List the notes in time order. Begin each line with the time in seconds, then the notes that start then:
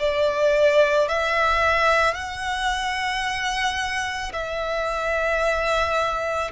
0.00 D5
1.09 E5
2.14 F#5
4.33 E5